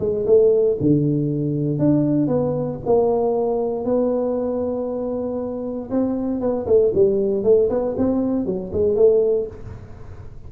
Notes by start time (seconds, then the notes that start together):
0.00 G#3
0.26 A3
0.81 D3
1.79 D4
2.28 B3
2.86 A#3
3.85 B3
5.91 C4
6.41 B3
6.67 A3
6.95 G3
7.44 A3
7.70 B3
7.98 C4
8.46 F#3
8.73 G#3
8.96 A3